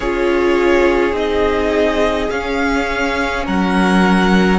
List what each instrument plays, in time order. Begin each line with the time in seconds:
0.00 cello C#4, viola F4, violin G#4 C#5
1.12 cello C4, viola D#4, violin D#5
2.30 cello C#4, viola C#4, violin F5
3.45 cello F#3, violin A#4 F#5